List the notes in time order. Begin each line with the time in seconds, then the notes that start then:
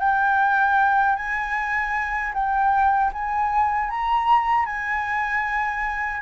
0.00 G5
1.16 G#5
2.34 G5
3.13 G#5
3.90 A#5
4.66 G#5